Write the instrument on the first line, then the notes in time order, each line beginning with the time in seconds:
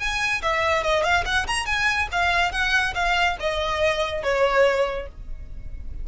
violin
0.00 G#5
0.43 E5
0.84 D#5
1.04 F5
1.26 F#5
1.47 A#5
1.66 G#5
2.12 F5
2.52 F#5
2.95 F5
3.40 D#5
4.23 C#5